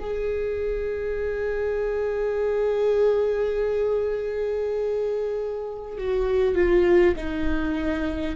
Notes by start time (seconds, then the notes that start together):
0.00 G#4
5.98 F#4
6.55 F4
7.16 D#4